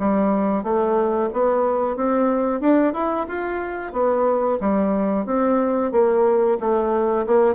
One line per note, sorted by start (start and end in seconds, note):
0.00 0.64 G3
0.64 1.30 A3
1.34 1.97 B3
1.97 2.61 C4
2.61 2.94 D4
2.94 3.27 E4
3.28 3.93 F4
3.93 4.59 B3
4.61 5.26 G3
5.26 5.92 C4
5.93 6.58 A#3
6.61 7.27 A3
7.27 7.55 A#3